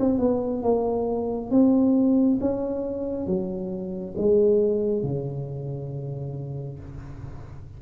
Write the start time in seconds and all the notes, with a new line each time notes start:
0.00 C4
0.19 B3
0.63 A#3
1.51 C4
2.41 C#4
3.27 F#3
4.18 G#3
5.03 C#3